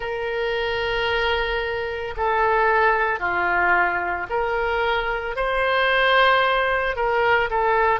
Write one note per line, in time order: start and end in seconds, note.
0.00 2.14 A#4
2.16 3.19 A4
3.19 4.26 F4
4.29 5.36 A#4
5.36 6.95 C5
6.95 7.49 A#4
7.50 8.00 A4